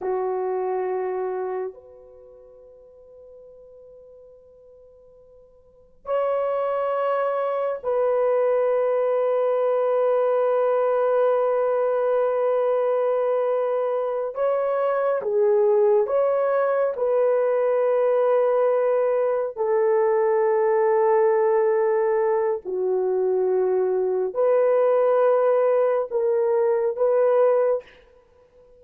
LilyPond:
\new Staff \with { instrumentName = "horn" } { \time 4/4 \tempo 4 = 69 fis'2 b'2~ | b'2. cis''4~ | cis''4 b'2.~ | b'1~ |
b'8 cis''4 gis'4 cis''4 b'8~ | b'2~ b'8 a'4.~ | a'2 fis'2 | b'2 ais'4 b'4 | }